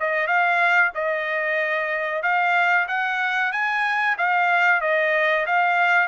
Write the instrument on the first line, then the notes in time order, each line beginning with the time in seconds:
trumpet
0.00 D#5
0.27 F5
0.95 D#5
2.23 F5
2.88 F#5
3.52 G#5
4.18 F5
4.81 D#5
5.46 F5